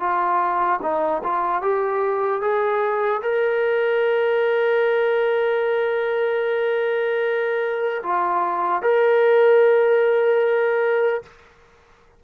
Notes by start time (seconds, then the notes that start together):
0.00 F4
0.82 D#4
1.24 F4
1.62 G4
2.41 G#4
3.22 A#4
8.03 F4
8.83 A#4